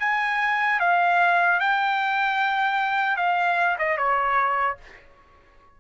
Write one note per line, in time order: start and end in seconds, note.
0.00 0.80 G#5
0.80 1.60 F5
1.60 3.17 G5
3.17 3.77 F5
3.79 3.98 D#5
3.98 4.78 C#5